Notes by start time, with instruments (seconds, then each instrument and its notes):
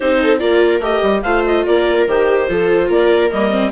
0.00 bassoon C4, viola D#4 G4, clarinet C5
0.22 viola A4
0.39 bassoon A#3, viola F4 A#4, clarinet D5
0.79 bassoon A3, viola G4, clarinet D#5
1.02 bassoon G3
1.22 bassoon A3, viola F4 C5, clarinet F5
1.46 clarinet D#5
1.65 bassoon A#3, viola A#4, clarinet D5
2.07 bassoon D#3, viola G4, clarinet C5
2.47 bassoon F3, viola F4 A4
2.87 bassoon A#3, viola A#4, clarinet D5
3.30 bassoon G3, viola A#3, clarinet D#5
3.50 viola C4